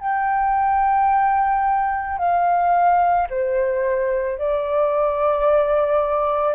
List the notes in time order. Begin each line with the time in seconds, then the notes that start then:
0.00 G5
2.18 F5
3.30 C5
4.38 D5